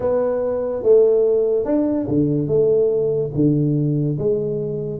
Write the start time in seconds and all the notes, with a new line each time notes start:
0.00 B3
0.82 A3
1.65 D4
2.08 D3
2.47 A3
3.34 D3
4.18 G#3